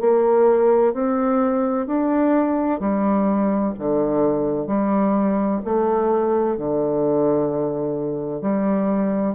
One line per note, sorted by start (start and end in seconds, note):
0.00 0.93 A#3
0.93 1.86 C4
1.86 2.80 D4
2.80 3.73 G3
3.78 4.67 D3
4.67 5.60 G3
5.65 6.57 A3
6.57 8.41 D3
8.41 9.35 G3